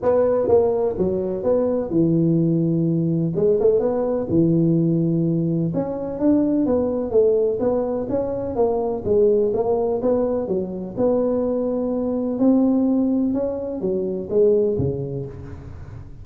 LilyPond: \new Staff \with { instrumentName = "tuba" } { \time 4/4 \tempo 4 = 126 b4 ais4 fis4 b4 | e2. gis8 a8 | b4 e2. | cis'4 d'4 b4 a4 |
b4 cis'4 ais4 gis4 | ais4 b4 fis4 b4~ | b2 c'2 | cis'4 fis4 gis4 cis4 | }